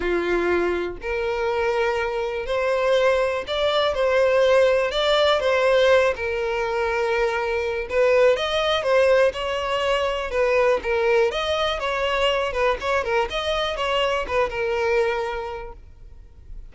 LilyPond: \new Staff \with { instrumentName = "violin" } { \time 4/4 \tempo 4 = 122 f'2 ais'2~ | ais'4 c''2 d''4 | c''2 d''4 c''4~ | c''8 ais'2.~ ais'8 |
b'4 dis''4 c''4 cis''4~ | cis''4 b'4 ais'4 dis''4 | cis''4. b'8 cis''8 ais'8 dis''4 | cis''4 b'8 ais'2~ ais'8 | }